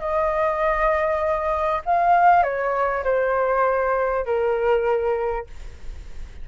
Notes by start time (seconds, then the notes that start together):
0.00 D#5
1.86 F5
2.43 C#5
3.04 C5
4.26 A#4